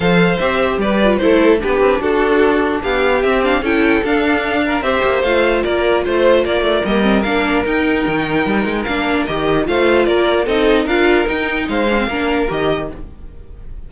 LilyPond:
<<
  \new Staff \with { instrumentName = "violin" } { \time 4/4 \tempo 4 = 149 f''4 e''4 d''4 c''4 | b'4 a'2 f''4 | e''8 f''8 g''4 f''2 | e''4 f''4 d''4 c''4 |
d''4 dis''4 f''4 g''4~ | g''2 f''4 dis''4 | f''4 d''4 dis''4 f''4 | g''4 f''2 dis''4 | }
  \new Staff \with { instrumentName = "violin" } { \time 4/4 c''2 b'4 a'4 | g'4 fis'2 g'4~ | g'4 a'2~ a'8 ais'8 | c''2 ais'4 c''4 |
ais'1~ | ais'1 | c''4 ais'4 a'4 ais'4~ | ais'4 c''4 ais'2 | }
  \new Staff \with { instrumentName = "viola" } { \time 4/4 a'4 g'4. f'8 e'4 | d'1 | c'8 d'8 e'4 d'2 | g'4 f'2.~ |
f'4 ais8 c'8 d'4 dis'4~ | dis'2 d'4 g'4 | f'2 dis'4 f'4 | dis'4. d'16 c'16 d'4 g'4 | }
  \new Staff \with { instrumentName = "cello" } { \time 4/4 f4 c'4 g4 a4 | b8 c'8 d'2 b4 | c'4 cis'4 d'2 | c'8 ais8 a4 ais4 a4 |
ais8 a8 g4 ais4 dis'4 | dis4 g8 gis8 ais4 dis4 | a4 ais4 c'4 d'4 | dis'4 gis4 ais4 dis4 | }
>>